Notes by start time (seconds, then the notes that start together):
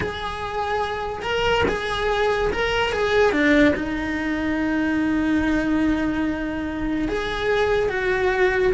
0.00 G#4
1.22 A#4
1.68 G#4
2.52 A#4
2.92 G#4
3.32 D4
3.75 D#4
7.08 G#4
7.89 F#4